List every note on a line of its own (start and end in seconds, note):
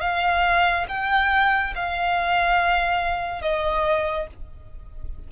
0.00 0.86 F5
0.88 1.74 G5
1.75 3.41 F5
3.41 4.27 D#5